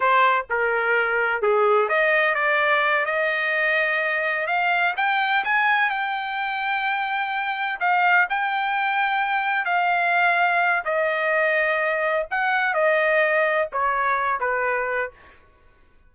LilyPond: \new Staff \with { instrumentName = "trumpet" } { \time 4/4 \tempo 4 = 127 c''4 ais'2 gis'4 | dis''4 d''4. dis''4.~ | dis''4. f''4 g''4 gis''8~ | gis''8 g''2.~ g''8~ |
g''8 f''4 g''2~ g''8~ | g''8 f''2~ f''8 dis''4~ | dis''2 fis''4 dis''4~ | dis''4 cis''4. b'4. | }